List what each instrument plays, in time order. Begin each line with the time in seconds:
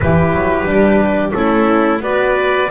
0.00 double bass E3, horn E4, violin G4, trumpet B4
0.33 double bass F#3
0.65 double bass G3, horn D4
1.32 double bass A3, horn C#4, violin E4, trumpet A4
2.00 double bass B3, horn F#4, violin B4, trumpet D5